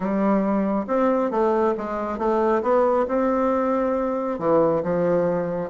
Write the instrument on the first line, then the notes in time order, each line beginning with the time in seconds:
bassoon
0.00 G3
0.87 C4
1.30 A3
1.77 G#3
2.18 A3
2.62 B3
3.08 C4
4.38 E3
4.83 F3